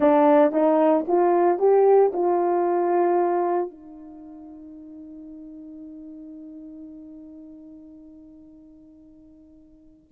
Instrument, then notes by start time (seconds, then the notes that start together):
horn
0.00 D4
0.52 D#4
1.07 F4
1.59 G4
2.13 F4
3.70 D#4